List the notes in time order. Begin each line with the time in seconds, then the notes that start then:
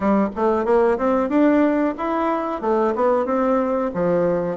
0.00 G3
0.35 A3
0.65 A#3
0.98 C4
1.29 D4
1.97 E4
2.61 A3
2.95 B3
3.25 C4
3.94 F3